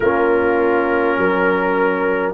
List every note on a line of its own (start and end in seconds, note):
0.00 1.17 A#3
0.00 2.34 C#4
0.00 1.17 F4
0.00 2.31 A#4
1.17 2.34 F#3
1.17 2.34 A#4